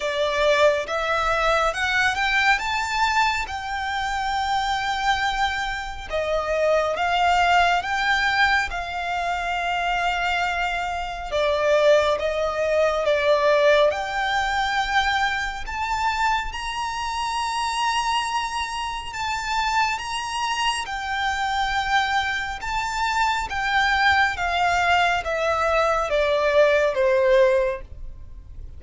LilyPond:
\new Staff \with { instrumentName = "violin" } { \time 4/4 \tempo 4 = 69 d''4 e''4 fis''8 g''8 a''4 | g''2. dis''4 | f''4 g''4 f''2~ | f''4 d''4 dis''4 d''4 |
g''2 a''4 ais''4~ | ais''2 a''4 ais''4 | g''2 a''4 g''4 | f''4 e''4 d''4 c''4 | }